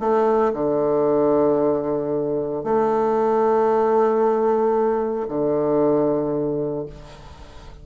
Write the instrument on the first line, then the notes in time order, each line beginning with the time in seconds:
bassoon
0.00 A3
0.54 D3
2.64 A3
5.28 D3